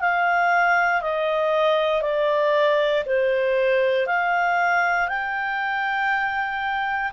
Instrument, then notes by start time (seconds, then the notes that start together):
clarinet
0.00 F5
1.01 D#5
2.02 D5
3.06 C5
4.06 F5
5.08 G5